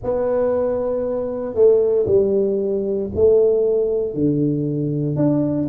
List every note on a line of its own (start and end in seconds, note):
0.03 1.54 B3
1.54 2.05 A3
2.06 3.09 G3
3.14 4.14 A3
4.14 5.15 D3
5.15 5.67 D4